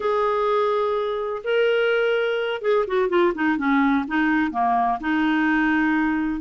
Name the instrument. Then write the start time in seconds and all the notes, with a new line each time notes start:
clarinet
0.00 G#4
1.44 A#4
2.61 G#4
2.87 F#4
3.09 F4
3.34 D#4
3.57 C#4
4.07 D#4
4.51 A#3
5.00 D#4